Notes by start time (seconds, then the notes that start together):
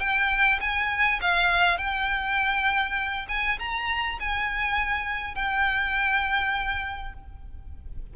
0.00 G5
0.61 G#5
1.22 F5
1.78 G5
3.29 G#5
3.59 A#5
4.20 G#5
5.35 G5